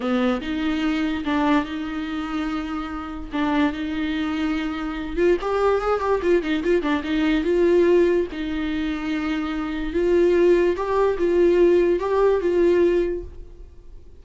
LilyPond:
\new Staff \with { instrumentName = "viola" } { \time 4/4 \tempo 4 = 145 b4 dis'2 d'4 | dis'1 | d'4 dis'2.~ | dis'8 f'8 g'4 gis'8 g'8 f'8 dis'8 |
f'8 d'8 dis'4 f'2 | dis'1 | f'2 g'4 f'4~ | f'4 g'4 f'2 | }